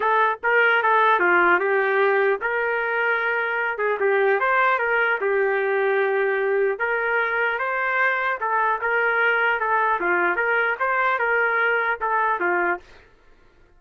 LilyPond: \new Staff \with { instrumentName = "trumpet" } { \time 4/4 \tempo 4 = 150 a'4 ais'4 a'4 f'4 | g'2 ais'2~ | ais'4. gis'8 g'4 c''4 | ais'4 g'2.~ |
g'4 ais'2 c''4~ | c''4 a'4 ais'2 | a'4 f'4 ais'4 c''4 | ais'2 a'4 f'4 | }